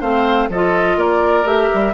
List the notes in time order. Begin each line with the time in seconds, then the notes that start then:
0.00 A3 C4 C5 F5
0.48 F3 F4 A4 D#5
0.96 A#3 A#4 D5
1.44 A3 G4 E5
1.73 G3